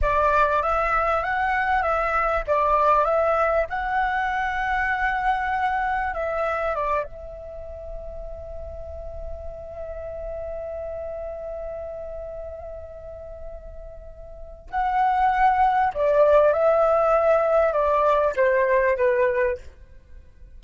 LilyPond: \new Staff \with { instrumentName = "flute" } { \time 4/4 \tempo 4 = 98 d''4 e''4 fis''4 e''4 | d''4 e''4 fis''2~ | fis''2 e''4 d''8 e''8~ | e''1~ |
e''1~ | e''1 | fis''2 d''4 e''4~ | e''4 d''4 c''4 b'4 | }